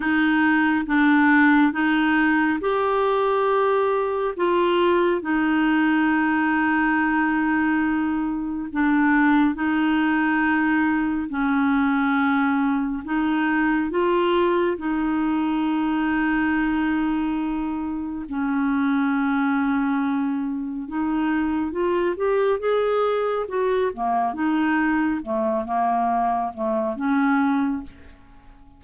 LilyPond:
\new Staff \with { instrumentName = "clarinet" } { \time 4/4 \tempo 4 = 69 dis'4 d'4 dis'4 g'4~ | g'4 f'4 dis'2~ | dis'2 d'4 dis'4~ | dis'4 cis'2 dis'4 |
f'4 dis'2.~ | dis'4 cis'2. | dis'4 f'8 g'8 gis'4 fis'8 ais8 | dis'4 a8 ais4 a8 cis'4 | }